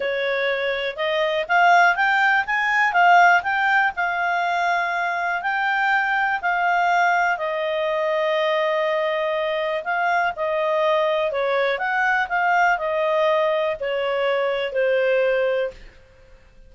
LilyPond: \new Staff \with { instrumentName = "clarinet" } { \time 4/4 \tempo 4 = 122 cis''2 dis''4 f''4 | g''4 gis''4 f''4 g''4 | f''2. g''4~ | g''4 f''2 dis''4~ |
dis''1 | f''4 dis''2 cis''4 | fis''4 f''4 dis''2 | cis''2 c''2 | }